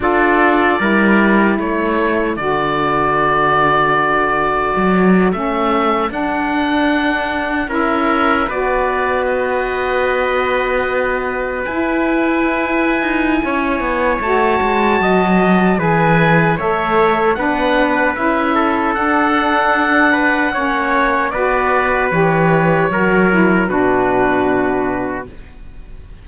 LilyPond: <<
  \new Staff \with { instrumentName = "oboe" } { \time 4/4 \tempo 4 = 76 d''2 cis''4 d''4~ | d''2~ d''8. e''4 fis''16~ | fis''4.~ fis''16 e''4 d''4 dis''16~ | dis''2~ dis''8. gis''4~ gis''16~ |
gis''2 a''2 | gis''4 e''4 fis''4 e''4 | fis''2. d''4 | cis''2 b'2 | }
  \new Staff \with { instrumentName = "trumpet" } { \time 4/4 a'4 ais'4 a'2~ | a'1~ | a'4.~ a'16 ais'4 b'4~ b'16~ | b'1~ |
b'4 cis''2 dis''4 | b'4 cis''4 b'4. a'8~ | a'4. b'8 cis''4 b'4~ | b'4 ais'4 fis'2 | }
  \new Staff \with { instrumentName = "saxophone" } { \time 4/4 f'4 e'2 fis'4~ | fis'2~ fis'8. cis'4 d'16~ | d'4.~ d'16 e'4 fis'4~ fis'16~ | fis'2~ fis'8. e'4~ e'16~ |
e'2 fis'2 | gis'4 a'4 d'4 e'4 | d'2 cis'4 fis'4 | g'4 fis'8 e'8 d'2 | }
  \new Staff \with { instrumentName = "cello" } { \time 4/4 d'4 g4 a4 d4~ | d2 fis8. a4 d'16~ | d'4.~ d'16 cis'4 b4~ b16~ | b2~ b8. e'4~ e'16~ |
e'8 dis'8 cis'8 b8 a8 gis8 fis4 | e4 a4 b4 cis'4 | d'2 ais4 b4 | e4 fis4 b,2 | }
>>